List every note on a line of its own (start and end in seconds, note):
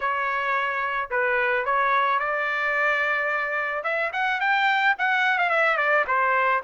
0.00 1.09 C#5
1.10 1.65 B4
1.65 2.19 C#5
2.19 3.83 D5
3.83 4.11 E5
4.12 4.40 F#5
4.40 4.95 G5
4.98 5.38 F#5
5.38 5.49 F5
5.49 5.77 E5
5.77 6.04 D5
6.07 6.62 C5